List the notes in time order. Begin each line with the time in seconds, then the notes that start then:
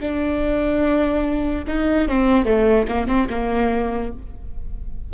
0.00 D4
1.67 D#4
2.08 C4
2.45 A3
2.88 A#3
3.07 C4
3.29 A#3